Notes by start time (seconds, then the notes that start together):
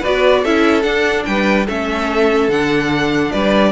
0.00 B3 F#4 B4 D5
0.43 C#4 E4 A4 E5
0.82 D4 F#5
1.26 G3 B4 G5
1.66 A3 C#4 A4 E5
2.48 D3 D4 F#5
3.32 G3 B4 D5